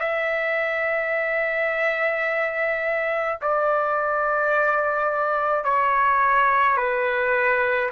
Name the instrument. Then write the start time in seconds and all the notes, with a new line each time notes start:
trumpet
0.00 E5
3.42 D5
5.64 C#5
6.77 B4